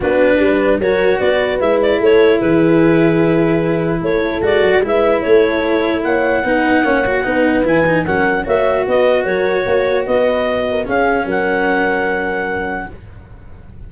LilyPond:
<<
  \new Staff \with { instrumentName = "clarinet" } { \time 4/4 \tempo 4 = 149 b'2 cis''4 d''4 | e''8 d''8 cis''4 b'2~ | b'2 cis''4 d''4 | e''4 cis''2 fis''4~ |
fis''2. gis''4 | fis''4 e''4 dis''4 cis''4~ | cis''4 dis''2 f''4 | fis''1 | }
  \new Staff \with { instrumentName = "horn" } { \time 4/4 fis'4 b'4 ais'4 b'4~ | b'4 a'4 gis'2~ | gis'2 a'2 | b'4 a'2 cis''4 |
b'4 cis''4 b'2 | ais'4 cis''4 b'4 ais'4 | cis''4 b'4. ais'8 gis'4 | ais'1 | }
  \new Staff \with { instrumentName = "cello" } { \time 4/4 d'2 fis'2 | e'1~ | e'2. fis'4 | e'1 |
dis'4 cis'8 fis'8 dis'4 e'8 dis'8 | cis'4 fis'2.~ | fis'2. cis'4~ | cis'1 | }
  \new Staff \with { instrumentName = "tuba" } { \time 4/4 b4 g4 fis4 b4 | gis4 a4 e2~ | e2 a4 gis8 fis8 | gis4 a2 ais4 |
b4 ais4 b4 e4 | fis4 ais4 b4 fis4 | ais4 b2 cis'4 | fis1 | }
>>